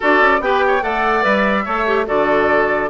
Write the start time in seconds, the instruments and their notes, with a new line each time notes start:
0.00 bassoon D4, clarinet F#4, oboe A4, flute D5
0.20 bassoon C#4
0.40 bassoon B3, clarinet G4, oboe B4, flute G5
0.67 oboe C#5
0.81 bassoon A3, clarinet A4, oboe D5, flute F#5
1.21 bassoon G3, clarinet B4, flute E5
1.64 bassoon A3, clarinet A4, oboe C#5
1.85 clarinet G4
2.06 bassoon D3, clarinet F#4, oboe A4, flute D5